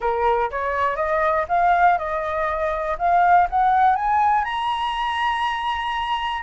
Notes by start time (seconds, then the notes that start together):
0.00 A#4
0.50 C#5
0.96 D#5
1.48 F5
1.98 D#5
2.98 F5
3.50 F#5
3.95 G#5
4.44 A#5